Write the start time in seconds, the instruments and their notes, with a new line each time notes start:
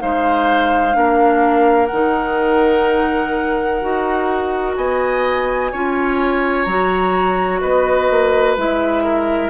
0.00 bassoon G#3, clarinet D#4, oboe C5, flute F5
0.93 bassoon A#3, clarinet D4, oboe A#4
1.87 bassoon D#3, flute F#5
1.93 clarinet D#4
3.82 bassoon D#4, clarinet F#4
4.76 bassoon B3, oboe D#5, flute G#5
5.72 bassoon C#4, clarinet F4, oboe C#5
6.64 bassoon F#3, clarinet F#4, flute A#5
7.61 bassoon B3, oboe B4, flute D#5
8.10 bassoon A#3
8.57 bassoon G#3, clarinet E4, flute E5
9.04 oboe A#4